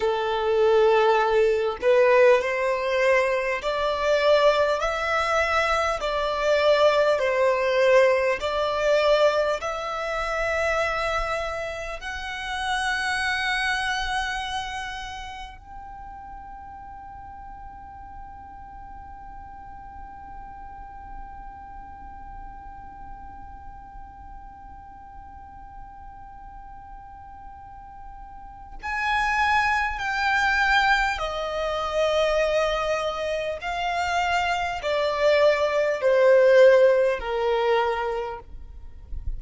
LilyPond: \new Staff \with { instrumentName = "violin" } { \time 4/4 \tempo 4 = 50 a'4. b'8 c''4 d''4 | e''4 d''4 c''4 d''4 | e''2 fis''2~ | fis''4 g''2.~ |
g''1~ | g''1 | gis''4 g''4 dis''2 | f''4 d''4 c''4 ais'4 | }